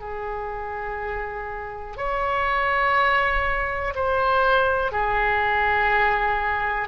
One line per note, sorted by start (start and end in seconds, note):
0.00 1.97 G#4
1.97 3.94 C#5
3.95 4.92 C5
4.92 6.88 G#4